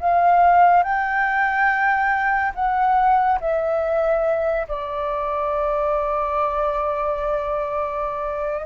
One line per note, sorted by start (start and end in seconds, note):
0.00 0.83 F5
0.83 2.52 G5
2.55 3.40 F#5
3.41 4.67 E5
4.68 8.66 D5